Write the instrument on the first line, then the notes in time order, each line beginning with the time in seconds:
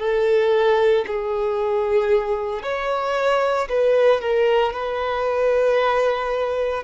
violin
0.00 A4
1.07 G#4
2.63 C#5
3.69 B4
4.21 A#4
4.74 B4